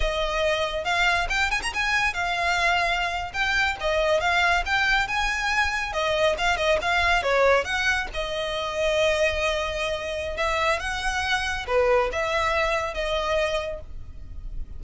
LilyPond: \new Staff \with { instrumentName = "violin" } { \time 4/4 \tempo 4 = 139 dis''2 f''4 g''8 gis''16 ais''16 | gis''4 f''2~ f''8. g''16~ | g''8. dis''4 f''4 g''4 gis''16~ | gis''4.~ gis''16 dis''4 f''8 dis''8 f''16~ |
f''8. cis''4 fis''4 dis''4~ dis''16~ | dis''1 | e''4 fis''2 b'4 | e''2 dis''2 | }